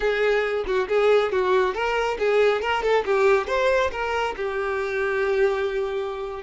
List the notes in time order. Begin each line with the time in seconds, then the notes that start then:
0.00 G#4
0.66 F#4
0.88 G#4
1.32 F#4
1.74 A#4
2.18 G#4
2.61 A#4
2.82 A4
3.05 G4
3.47 C5
3.91 A#4
4.36 G4